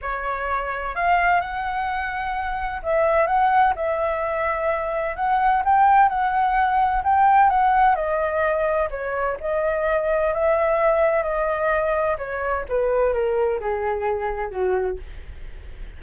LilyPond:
\new Staff \with { instrumentName = "flute" } { \time 4/4 \tempo 4 = 128 cis''2 f''4 fis''4~ | fis''2 e''4 fis''4 | e''2. fis''4 | g''4 fis''2 g''4 |
fis''4 dis''2 cis''4 | dis''2 e''2 | dis''2 cis''4 b'4 | ais'4 gis'2 fis'4 | }